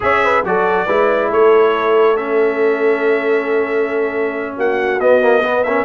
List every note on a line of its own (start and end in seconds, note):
0.00 0.43 C#4
0.00 0.43 G#4
0.00 0.24 C#5
0.00 0.46 E5
0.24 0.45 B4
0.43 0.86 F#3
0.43 0.88 F#4
0.43 0.85 A4
0.43 1.32 D5
0.85 1.31 G#3
0.85 2.17 E4
0.85 1.29 B4
1.29 4.57 A3
1.29 4.55 A4
1.29 2.16 C#5
2.16 5.00 C#4
2.16 4.55 E5
4.56 4.99 A#3
4.56 5.42 F#4
4.56 5.00 F#5
4.99 5.85 B3
4.99 5.21 B3
4.99 5.63 D#5
5.21 5.43 A#3
5.42 5.65 B3
5.42 5.64 B4
5.63 5.85 C#4
5.63 5.85 A#4
5.63 5.85 E5